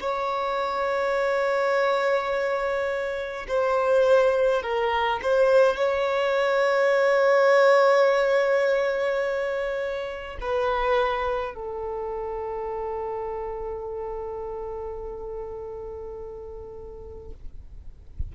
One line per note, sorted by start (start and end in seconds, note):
0.00 3.46 C#5
3.48 4.62 C5
4.62 5.20 A#4
5.22 5.76 C5
5.76 10.37 C#5
10.40 11.54 B4
11.54 17.31 A4